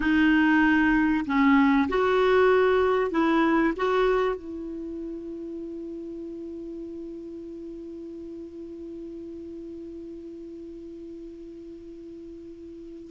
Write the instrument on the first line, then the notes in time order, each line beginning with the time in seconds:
clarinet
0.00 D#4
1.26 C#4
1.89 F#4
3.11 E4
3.76 F#4
4.35 E4